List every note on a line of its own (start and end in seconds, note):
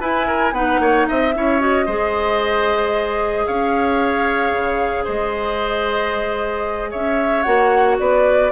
0.00 0.53 E4
0.00 0.52 E4
0.00 0.27 B4
0.00 0.53 G#5
0.27 0.53 A#4
0.52 0.78 B3
0.52 1.33 D#4
0.52 0.80 B4
0.52 1.06 F#5
0.79 1.05 A#3
0.79 1.07 C#5
1.08 1.35 C4
1.08 1.34 D#5
1.08 1.61 E5
1.34 1.87 C#4
1.34 1.59 E4
1.34 1.85 C#5
1.59 1.86 F#4
1.59 3.46 D#5
1.85 3.46 G#3
1.85 7.45 G#4
1.85 3.45 C5
3.46 4.52 C#4
3.46 5.04 C#5
3.46 5.05 F5
4.52 5.05 C#3
5.04 6.93 G#3
5.04 6.89 C5
5.04 6.91 D#5
6.90 7.46 C#4
6.90 7.97 C#5
6.90 7.42 E5
7.42 7.99 A#3
7.42 8.51 F#4
7.42 7.95 F#5
7.99 8.51 B3
7.99 8.51 B4
7.99 8.51 D5